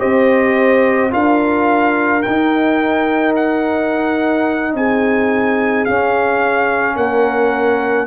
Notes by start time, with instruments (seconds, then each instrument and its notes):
0.00 tuba C4, trombone G4, horn C5, trumpet D#5
1.11 tuba D4, trombone F4, horn A#4, trumpet F5
2.23 tuba D#4, trumpet G5
2.29 trombone D#4
3.36 trumpet F#5
4.75 tuba C4, horn G#4, trumpet G#5
5.86 trombone C#4, tuba C#4, trumpet F5
6.96 tuba A#3, horn A#4, trumpet F#5